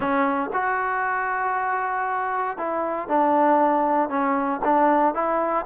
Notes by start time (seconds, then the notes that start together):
0.00 C#4
0.53 F#4
2.57 E4
3.08 D4
4.09 C#4
4.64 D4
5.14 E4